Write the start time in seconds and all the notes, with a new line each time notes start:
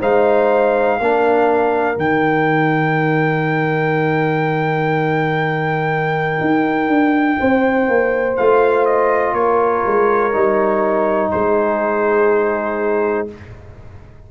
0.00 G#3 D#4 C5 F5
0.99 A#3 D4 A#4
1.95 D#3 D#4 G5
6.41 D#4
6.88 D4
7.39 C4 C5
7.89 A#3
8.37 A3 F4 F5
8.86 D#5
9.33 A#3 A#4 C#5
9.87 G#3
10.33 G3 D#4
11.31 G#3 G#4 C5